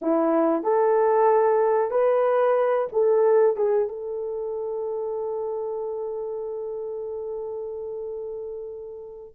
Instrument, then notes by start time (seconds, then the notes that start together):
horn
0.01 E4
0.63 A4
1.91 B4
2.92 A4
3.56 G#4
3.88 A4